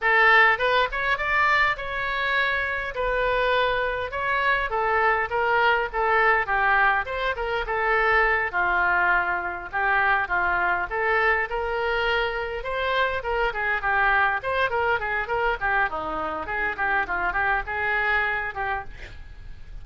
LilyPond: \new Staff \with { instrumentName = "oboe" } { \time 4/4 \tempo 4 = 102 a'4 b'8 cis''8 d''4 cis''4~ | cis''4 b'2 cis''4 | a'4 ais'4 a'4 g'4 | c''8 ais'8 a'4. f'4.~ |
f'8 g'4 f'4 a'4 ais'8~ | ais'4. c''4 ais'8 gis'8 g'8~ | g'8 c''8 ais'8 gis'8 ais'8 g'8 dis'4 | gis'8 g'8 f'8 g'8 gis'4. g'8 | }